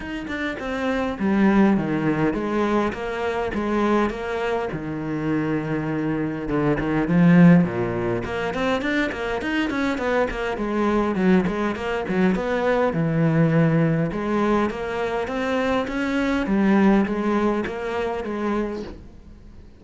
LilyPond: \new Staff \with { instrumentName = "cello" } { \time 4/4 \tempo 4 = 102 dis'8 d'8 c'4 g4 dis4 | gis4 ais4 gis4 ais4 | dis2. d8 dis8 | f4 ais,4 ais8 c'8 d'8 ais8 |
dis'8 cis'8 b8 ais8 gis4 fis8 gis8 | ais8 fis8 b4 e2 | gis4 ais4 c'4 cis'4 | g4 gis4 ais4 gis4 | }